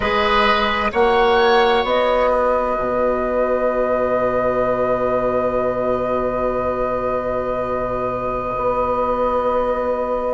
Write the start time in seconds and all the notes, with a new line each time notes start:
0.00 G#3 G#4 B4 D#5
0.92 A#3 F#4 C#5 F#5
1.83 B3 D#5
2.30 B4
2.78 B2
8.56 B3